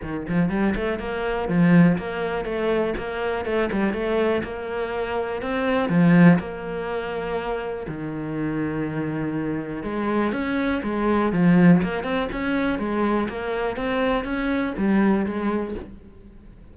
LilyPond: \new Staff \with { instrumentName = "cello" } { \time 4/4 \tempo 4 = 122 dis8 f8 g8 a8 ais4 f4 | ais4 a4 ais4 a8 g8 | a4 ais2 c'4 | f4 ais2. |
dis1 | gis4 cis'4 gis4 f4 | ais8 c'8 cis'4 gis4 ais4 | c'4 cis'4 g4 gis4 | }